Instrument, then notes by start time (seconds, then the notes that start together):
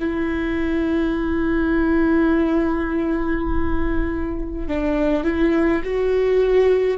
viola
0.00 E4
4.68 D4
5.24 E4
5.84 F#4